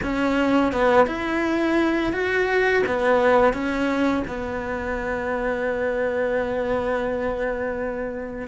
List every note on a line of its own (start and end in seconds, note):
0.02 0.72 C#4
0.72 1.07 B3
1.07 2.12 E4
2.12 2.83 F#4
2.86 3.53 B3
3.53 4.23 C#4
4.27 8.47 B3